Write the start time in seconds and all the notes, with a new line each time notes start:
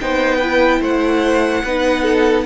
0.00 B3 D#4 C5 G5
0.36 B4
0.43 E4
0.80 A3 C5 F#5
1.64 B3 D#4 B4
2.03 A4